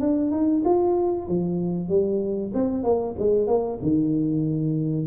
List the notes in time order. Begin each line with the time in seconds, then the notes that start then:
0.00 D4
0.32 D#4
0.65 F4
1.28 F3
1.89 G3
2.54 C4
2.84 A#3
3.19 G#3
3.47 A#3
3.82 D#3